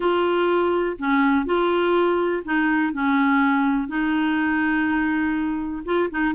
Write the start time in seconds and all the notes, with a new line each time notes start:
0.00 F4
0.98 C#4
1.45 F4
2.45 D#4
2.93 C#4
3.88 D#4
5.85 F4
6.10 D#4